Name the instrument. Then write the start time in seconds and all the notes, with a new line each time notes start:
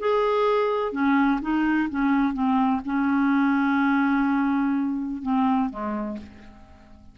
clarinet
0.00 G#4
0.93 C#4
1.42 D#4
1.90 C#4
2.34 C4
2.85 C#4
5.23 C4
5.70 G#3